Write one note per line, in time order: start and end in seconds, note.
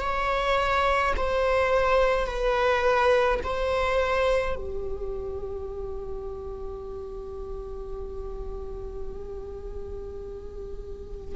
0.00 1.13 C#5
1.16 2.26 C5
2.26 3.40 B4
3.43 4.55 C5
4.55 11.35 G4